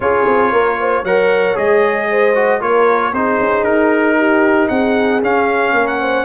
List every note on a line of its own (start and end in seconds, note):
0.00 0.26 C#4
0.00 1.05 F4
0.00 0.51 G#4
0.00 1.04 C#5
0.27 0.52 C4
0.51 1.03 A#3
0.51 0.77 A#4
0.80 1.03 C5
1.03 1.55 F#3
1.03 1.55 A#4
1.03 2.07 C#5
1.03 1.57 F#5
1.55 2.61 G#3
1.55 2.33 G#4
1.55 2.61 D#5
2.10 2.60 C5
2.35 2.60 F#4
2.60 3.12 A#3
2.60 3.13 F4
2.60 3.12 A#4
2.60 3.13 C#5
3.12 3.38 C4
3.12 5.22 D#4
3.12 4.17 G#4
3.12 3.64 C5
3.39 3.63 C#4
3.63 4.67 D#4
3.63 4.68 A#4
4.17 4.69 G4
4.68 5.22 C4
4.68 5.73 G#4
4.68 5.20 F#5
5.22 5.72 C#4
5.22 6.24 C#4
5.22 5.87 F5
5.72 6.24 A#3
5.72 5.99 A#4
5.87 6.24 F#5
5.99 6.24 C5